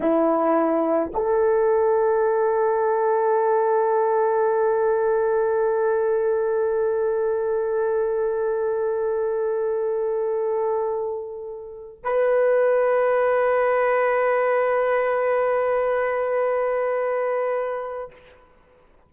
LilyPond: \new Staff \with { instrumentName = "horn" } { \time 4/4 \tempo 4 = 106 e'2 a'2~ | a'1~ | a'1~ | a'1~ |
a'1~ | a'4~ a'16 b'2~ b'8.~ | b'1~ | b'1 | }